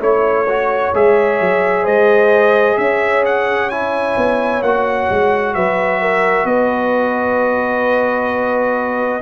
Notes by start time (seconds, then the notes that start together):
0.00 A3 E4 C#5
0.48 F#4
0.94 G#3 G#4 E5
1.41 F#3
1.83 G#3 C5 D#5
2.78 C#4 C#5 E5
3.26 F#5
3.70 E4 G#5
4.17 B3
4.62 A#3 F#4 F#5
5.10 G#3
5.55 F#3 B4 E5
6.01 A#4
6.45 B3 B4 D#5